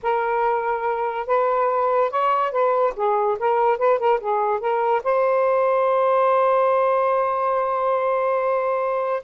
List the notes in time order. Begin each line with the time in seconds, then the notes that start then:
0.02 A#4
1.27 B4
2.10 C#5
2.51 B4
2.96 G#4
3.39 A#4
3.78 B4
3.99 A#4
4.20 G#4
4.60 A#4
5.03 C5